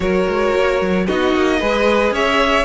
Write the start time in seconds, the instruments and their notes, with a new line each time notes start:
0.00 cello F#3, viola F#4, violin A#4 C#5
0.28 cello G#3
0.55 cello A#3
0.81 cello F#3
1.06 cello B3, viola D#4, violin F#4 D#5
1.34 cello A#3
1.59 cello G#3, viola G#4, violin B4
2.11 cello C#4, violin C#5 E5